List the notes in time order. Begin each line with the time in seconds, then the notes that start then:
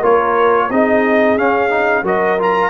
0.00 A#3 F4 A#4 C#5
0.70 C4 D#4 G#4 D#5
1.37 C#4 F5
1.70 D#4
2.03 F#3 F#4 A#4 D#5
2.39 F4 A#5